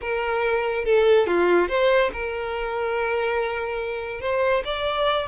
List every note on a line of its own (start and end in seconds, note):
0.01 0.84 A#4
0.84 1.26 A4
1.26 1.68 F4
1.68 2.10 C5
2.12 4.21 A#4
4.21 4.63 C5
4.65 5.27 D5